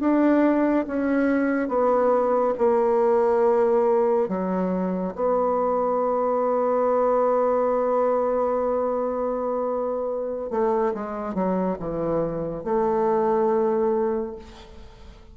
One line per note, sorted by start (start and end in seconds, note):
0.00 0.86 D4
0.87 1.69 C#4
1.69 2.54 B3
2.58 4.28 A#3
4.28 5.14 F#3
5.15 10.50 B3
10.50 10.93 A3
10.94 11.35 G#3
11.35 11.77 F#3
11.79 12.64 E3
12.64 14.35 A3